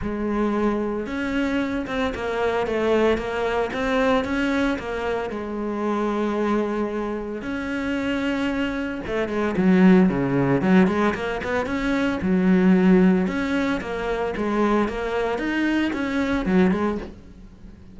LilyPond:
\new Staff \with { instrumentName = "cello" } { \time 4/4 \tempo 4 = 113 gis2 cis'4. c'8 | ais4 a4 ais4 c'4 | cis'4 ais4 gis2~ | gis2 cis'2~ |
cis'4 a8 gis8 fis4 cis4 | fis8 gis8 ais8 b8 cis'4 fis4~ | fis4 cis'4 ais4 gis4 | ais4 dis'4 cis'4 fis8 gis8 | }